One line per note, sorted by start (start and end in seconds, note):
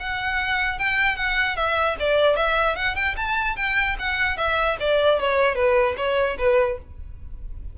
0.00 0.79 F#5
0.79 1.16 G5
1.16 1.56 F#5
1.56 1.96 E5
2.00 2.36 D5
2.36 2.76 E5
2.76 2.96 F#5
2.96 3.16 G5
3.17 3.56 A5
3.56 3.96 G5
3.99 4.37 F#5
4.37 4.77 E5
4.80 5.20 D5
5.20 5.55 C#5
5.55 5.95 B4
5.97 6.37 C#5
6.38 6.78 B4